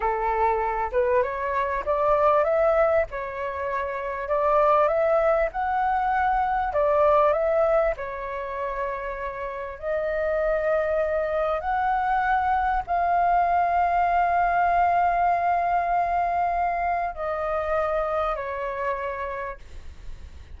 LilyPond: \new Staff \with { instrumentName = "flute" } { \time 4/4 \tempo 4 = 98 a'4. b'8 cis''4 d''4 | e''4 cis''2 d''4 | e''4 fis''2 d''4 | e''4 cis''2. |
dis''2. fis''4~ | fis''4 f''2.~ | f''1 | dis''2 cis''2 | }